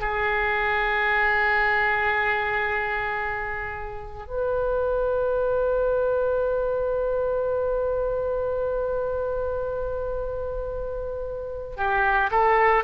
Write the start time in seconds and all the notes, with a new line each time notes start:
0.00 G#4
4.28 B4
11.77 G4
12.31 A4